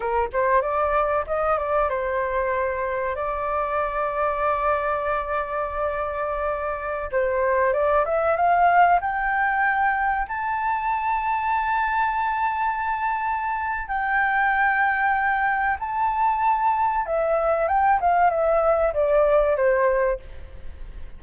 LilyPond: \new Staff \with { instrumentName = "flute" } { \time 4/4 \tempo 4 = 95 ais'8 c''8 d''4 dis''8 d''8 c''4~ | c''4 d''2.~ | d''2.~ d''16 c''8.~ | c''16 d''8 e''8 f''4 g''4.~ g''16~ |
g''16 a''2.~ a''8.~ | a''2 g''2~ | g''4 a''2 e''4 | g''8 f''8 e''4 d''4 c''4 | }